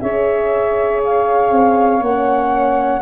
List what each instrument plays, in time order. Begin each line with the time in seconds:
0.00 tuba C#4, horn G#4, saxophone C#5, flute E5
1.03 flute F5
1.51 tuba C4
2.00 tuba A#3, horn C#4, flute F#5